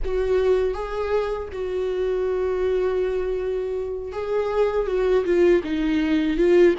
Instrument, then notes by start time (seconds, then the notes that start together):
viola
0.04 F#4
0.74 G#4
1.52 F#4
4.12 G#4
4.86 F#4
5.24 F4
5.63 D#4
6.37 F4